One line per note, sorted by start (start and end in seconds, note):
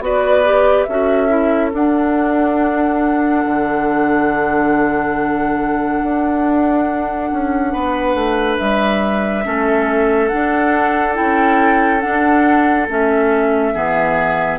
0.00 0.86 B3
0.00 0.44 F#4
0.00 0.88 B4
0.00 0.83 D5
0.45 0.87 G4
0.83 1.73 C#4
0.83 7.73 A4
0.83 1.69 E5
0.90 1.28 F#4
1.28 1.71 E4
1.73 3.45 D4
1.73 9.44 D4
1.73 8.58 F#5
3.45 6.02 D3
6.02 7.31 D4
7.32 7.73 C#4
7.73 8.14 B3
7.73 9.44 B4
8.14 8.57 A3
8.58 9.45 G3
8.58 10.28 E5
9.44 10.31 A3
9.44 10.30 C#4
9.44 13.74 A4
10.28 11.14 D4
10.28 11.14 F#5
10.34 11.19 D4
11.14 12.05 C#4
11.14 12.00 E4
11.14 12.00 G5
12.00 12.86 D4
12.00 12.88 D4
12.00 12.86 F#5
12.88 13.74 A3
12.88 13.74 C#4
12.88 14.58 E5
13.74 14.58 E3
13.74 14.58 B3
13.74 14.58 G#4